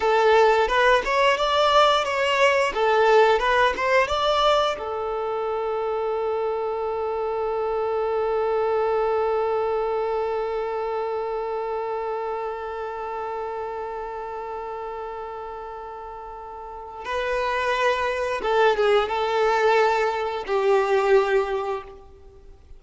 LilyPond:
\new Staff \with { instrumentName = "violin" } { \time 4/4 \tempo 4 = 88 a'4 b'8 cis''8 d''4 cis''4 | a'4 b'8 c''8 d''4 a'4~ | a'1~ | a'1~ |
a'1~ | a'1~ | a'4 b'2 a'8 gis'8 | a'2 g'2 | }